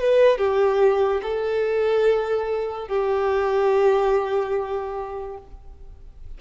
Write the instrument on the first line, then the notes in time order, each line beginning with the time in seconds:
violin
0.00 B4
0.38 G4
1.22 A4
2.88 G4